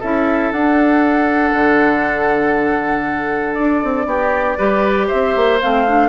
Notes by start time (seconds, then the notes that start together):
0.00 C#4 E4 A4 E5
0.52 D4 F#5
1.53 D3
3.54 D4 D5
3.83 C4
4.06 B3 G4
4.58 G3 G4 B4
5.07 C5 E5
5.13 C4
5.36 A#3
5.61 A3 C4 F5
5.88 D4